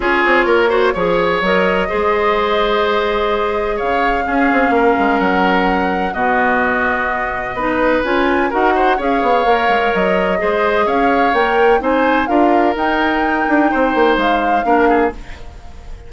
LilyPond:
<<
  \new Staff \with { instrumentName = "flute" } { \time 4/4 \tempo 4 = 127 cis''2. dis''4~ | dis''1 | f''2. fis''4~ | fis''4 dis''2.~ |
dis''4 gis''4 fis''4 f''4~ | f''4 dis''2 f''4 | g''4 gis''4 f''4 g''4~ | g''2 f''2 | }
  \new Staff \with { instrumentName = "oboe" } { \time 4/4 gis'4 ais'8 c''8 cis''2 | c''1 | cis''4 gis'4 ais'2~ | ais'4 fis'2. |
b'2 ais'8 c''8 cis''4~ | cis''2 c''4 cis''4~ | cis''4 c''4 ais'2~ | ais'4 c''2 ais'8 gis'8 | }
  \new Staff \with { instrumentName = "clarinet" } { \time 4/4 f'4. fis'8 gis'4 ais'4 | gis'1~ | gis'4 cis'2.~ | cis'4 b2. |
dis'4 f'4 fis'4 gis'4 | ais'2 gis'2 | ais'4 dis'4 f'4 dis'4~ | dis'2. d'4 | }
  \new Staff \with { instrumentName = "bassoon" } { \time 4/4 cis'8 c'8 ais4 f4 fis4 | gis1 | cis4 cis'8 c'8 ais8 gis8 fis4~ | fis4 b,2. |
b4 cis'4 dis'4 cis'8 b8 | ais8 gis8 fis4 gis4 cis'4 | ais4 c'4 d'4 dis'4~ | dis'8 d'8 c'8 ais8 gis4 ais4 | }
>>